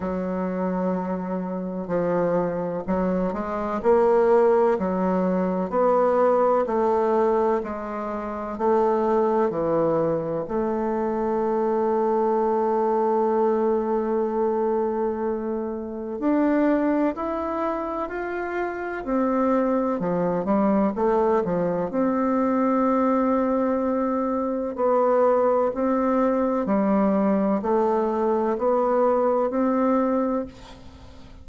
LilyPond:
\new Staff \with { instrumentName = "bassoon" } { \time 4/4 \tempo 4 = 63 fis2 f4 fis8 gis8 | ais4 fis4 b4 a4 | gis4 a4 e4 a4~ | a1~ |
a4 d'4 e'4 f'4 | c'4 f8 g8 a8 f8 c'4~ | c'2 b4 c'4 | g4 a4 b4 c'4 | }